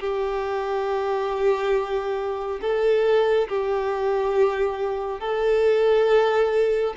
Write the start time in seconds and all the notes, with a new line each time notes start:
0.00 G4
2.61 A4
3.49 G4
5.20 A4